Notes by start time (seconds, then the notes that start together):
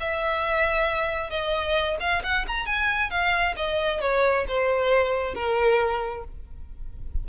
0.00 E5
1.30 D#5
2.00 F5
2.23 F#5
2.48 A#5
2.66 G#5
3.10 F5
3.57 D#5
4.01 C#5
4.48 C5
5.34 A#4